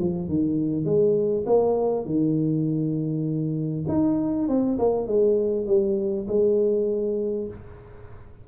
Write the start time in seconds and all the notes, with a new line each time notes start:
0.00 F3
0.29 D#3
0.85 G#3
1.47 A#3
2.06 D#3
3.89 D#4
4.49 C4
4.79 A#3
5.08 G#3
5.67 G3
6.28 G#3